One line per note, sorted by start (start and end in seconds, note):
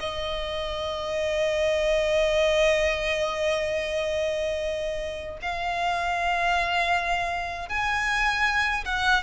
0.00 5.38 D#5
5.42 7.69 F5
7.69 8.85 G#5
8.85 9.23 F#5